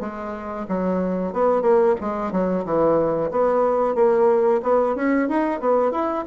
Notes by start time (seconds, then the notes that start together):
0.00 G#3
0.68 F#3
1.33 B3
1.62 A#3
2.00 G#3
2.31 F#3
2.65 E3
3.31 B3
3.95 A#3
4.62 B3
4.95 C#4
5.28 D#4
5.60 B3
5.91 E4